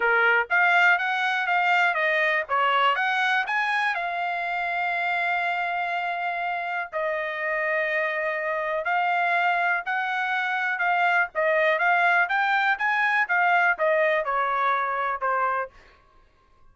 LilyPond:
\new Staff \with { instrumentName = "trumpet" } { \time 4/4 \tempo 4 = 122 ais'4 f''4 fis''4 f''4 | dis''4 cis''4 fis''4 gis''4 | f''1~ | f''2 dis''2~ |
dis''2 f''2 | fis''2 f''4 dis''4 | f''4 g''4 gis''4 f''4 | dis''4 cis''2 c''4 | }